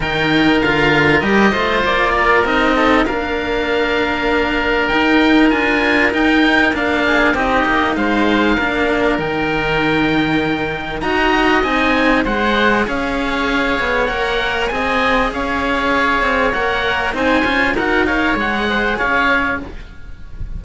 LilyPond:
<<
  \new Staff \with { instrumentName = "oboe" } { \time 4/4 \tempo 4 = 98 g''4 f''4 dis''4 d''4 | dis''4 f''2. | g''4 gis''4 g''4 f''4 | dis''4 f''2 g''4~ |
g''2 ais''4 gis''4 | fis''4 f''2 fis''4 | gis''4 f''2 fis''4 | gis''4 fis''8 f''8 fis''4 f''4 | }
  \new Staff \with { instrumentName = "oboe" } { \time 4/4 ais'2~ ais'8 c''4 ais'8~ | ais'8 a'8 ais'2.~ | ais'2.~ ais'8 gis'8 | g'4 c''4 ais'2~ |
ais'2 dis''2 | c''4 cis''2. | dis''4 cis''2. | c''4 ais'8 cis''4 c''8 cis''4 | }
  \new Staff \with { instrumentName = "cello" } { \time 4/4 dis'4 f'4 g'8 f'4. | dis'4 d'2. | dis'4 f'4 dis'4 d'4 | dis'2 d'4 dis'4~ |
dis'2 fis'4 dis'4 | gis'2. ais'4 | gis'2. ais'4 | dis'8 f'8 fis'8 ais'8 gis'2 | }
  \new Staff \with { instrumentName = "cello" } { \time 4/4 dis4 d4 g8 a8 ais4 | c'4 ais2. | dis'4 d'4 dis'4 ais4 | c'8 ais8 gis4 ais4 dis4~ |
dis2 dis'4 c'4 | gis4 cis'4. b8 ais4 | c'4 cis'4. c'8 ais4 | c'8 cis'8 dis'4 gis4 cis'4 | }
>>